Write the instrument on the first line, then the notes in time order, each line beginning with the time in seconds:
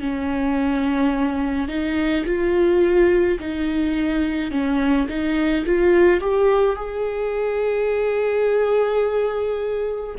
viola
0.00 C#4
1.68 D#4
2.25 F4
3.40 D#4
4.51 C#4
5.08 D#4
5.66 F4
6.21 G4
6.76 G#4